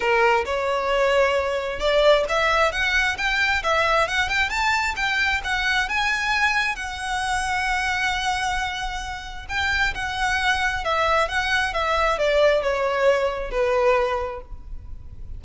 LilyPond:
\new Staff \with { instrumentName = "violin" } { \time 4/4 \tempo 4 = 133 ais'4 cis''2. | d''4 e''4 fis''4 g''4 | e''4 fis''8 g''8 a''4 g''4 | fis''4 gis''2 fis''4~ |
fis''1~ | fis''4 g''4 fis''2 | e''4 fis''4 e''4 d''4 | cis''2 b'2 | }